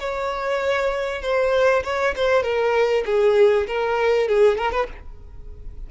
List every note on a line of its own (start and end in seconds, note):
0.00 1.22 C#5
1.22 1.84 C5
1.84 2.15 C#5
2.17 2.44 C5
2.44 3.05 A#4
3.06 3.67 G#4
3.68 4.29 A#4
4.29 4.58 G#4
4.58 4.72 A#4
4.72 4.87 B4